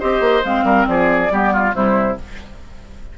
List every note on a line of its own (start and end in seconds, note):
0.00 0.20 C4
0.00 0.44 G4
0.00 0.65 C5
0.00 0.43 D#5
0.20 0.42 A#3
0.44 0.64 G#3
0.44 1.30 C4
0.44 0.87 F5
0.64 0.86 G3
0.64 0.87 A#4
0.88 1.31 F3
0.88 1.33 G#4
0.88 1.74 D5
1.31 1.74 G3
1.31 1.73 B3
1.31 1.53 G4
1.53 1.75 F4
1.73 2.17 C3
1.73 2.16 G3
1.73 2.18 E4
1.73 2.18 C5